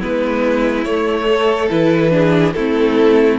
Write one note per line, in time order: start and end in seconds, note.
0.00 0.85 G#3
0.00 0.86 B3
0.00 1.27 E4
0.00 0.84 B4
0.84 1.70 A3
0.84 1.69 C#5
1.28 2.13 A4
1.70 2.55 E3
1.70 2.10 E4
1.70 2.53 B4
2.10 2.52 D4
2.10 2.56 G#4
2.53 3.39 A3
2.53 3.39 C4
2.53 3.39 E4
2.53 3.37 A4